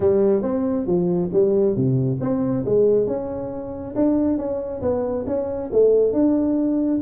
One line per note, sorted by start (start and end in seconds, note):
0.00 0.42 G3
0.42 0.86 C4
0.86 1.30 F3
1.33 1.75 G3
1.75 2.19 C3
2.20 2.64 C4
2.65 3.07 G#3
3.07 3.94 C#4
3.95 4.37 D4
4.37 4.81 C#4
4.81 5.25 B3
5.26 5.70 C#4
5.72 6.13 A3
6.13 7.00 D4